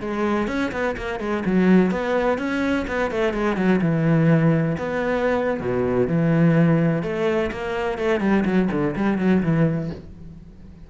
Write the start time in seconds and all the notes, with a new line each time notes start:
0.00 G#3
0.48 C#4
0.72 B3
0.97 A#3
1.20 G#3
1.45 F#3
1.91 B3
2.38 C#4
2.87 B3
3.11 A3
3.34 G#3
3.56 F#3
3.82 E3
4.78 B3
5.60 B2
6.07 E3
7.03 A3
7.51 A#3
7.98 A3
8.20 G3
8.45 F#3
8.71 D3
8.96 G3
9.18 F#3
9.43 E3